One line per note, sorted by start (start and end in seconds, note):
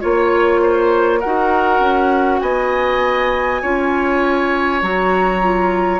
0.00 1.23 A#3
0.00 1.20 F4
0.00 0.60 C#5
0.00 1.20 C#5
0.61 1.19 C5
1.19 1.79 D#4
1.19 3.62 F#4
1.19 2.39 A#4
1.19 2.40 F#5
1.79 2.40 C#4
2.40 3.61 B3
2.40 3.61 D#5
2.40 4.80 G#5
3.61 4.82 C#4
3.61 4.82 F4
3.61 5.99 C#5
4.82 5.99 F#3
4.82 5.42 F#4
4.82 5.99 A#5
5.42 5.99 F4